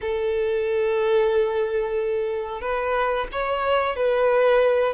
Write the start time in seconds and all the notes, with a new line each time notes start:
0.01 A4
2.61 B4
3.31 C#5
3.96 B4